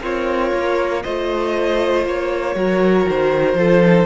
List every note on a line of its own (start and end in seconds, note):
0.00 0.52 C4
0.00 1.03 F4
0.00 1.02 A#4
0.00 1.03 C#5
0.54 1.05 A#3
1.03 2.06 A3
1.03 2.56 F4
1.03 2.56 C5
1.03 2.05 D#5
2.06 2.56 A#3
2.06 3.09 C#5
2.56 3.06 F#3
2.56 3.57 F#4
2.56 3.58 A#4
3.09 3.54 D#3
3.09 4.06 C5
3.54 4.05 F3
3.54 3.82 F4
3.54 4.06 A4
3.86 4.06 D#4